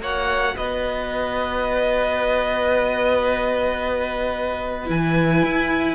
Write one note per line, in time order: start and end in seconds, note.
0.00 0.54 A#3
0.00 4.86 F#4
0.00 0.55 C#5
0.00 0.56 F#5
0.56 4.89 B3
0.56 5.95 B4
0.56 4.89 D#5
4.86 5.42 E3
4.86 5.94 E4
4.86 5.95 G#5
5.42 5.95 E4